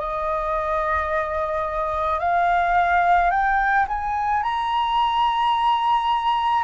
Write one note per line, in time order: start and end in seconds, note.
0.00 2.20 D#5
2.20 3.31 F5
3.31 3.86 G5
3.88 4.44 G#5
4.44 6.64 A#5